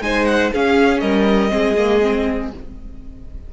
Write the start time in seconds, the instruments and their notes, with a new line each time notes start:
0.00 cello G#3, viola D#4, violin C5 G#5
0.25 violin F#5
0.52 viola C#4, cello C#4, violin G#4 F5
0.99 cello G3, violin A#4 D#5
1.49 cello G#3, viola C4, violin G#4
1.77 viola A#3
2.02 viola C4